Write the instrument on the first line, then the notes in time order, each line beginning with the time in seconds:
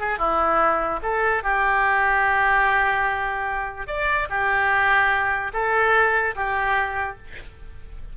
oboe
0.00 G#4
0.19 E4
1.02 A4
1.43 G4
3.87 D5
4.30 G4
5.53 A4
6.36 G4